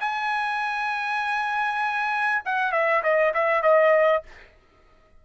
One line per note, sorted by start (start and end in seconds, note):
0.00 2.42 G#5
2.45 2.72 F#5
2.72 3.03 E5
3.03 3.34 D#5
3.34 3.63 E5
3.63 4.23 D#5